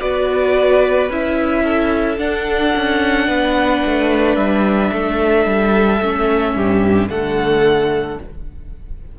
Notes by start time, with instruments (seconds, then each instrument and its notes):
0.00 cello B3, viola F#4, violin B4 D5
1.09 cello C#4, viola E4, violin E5
1.64 violin A4
2.18 viola D4, cello D4, violin F#5
2.76 cello C#4
3.27 cello B3, violin B4
3.86 cello A3
4.36 cello G3, violin E5
4.93 cello A3, violin A4
5.46 cello G3
6.01 cello A3, viola C#4
6.55 cello G2, violin G4
7.10 cello D3, viola A3, violin A4 F#5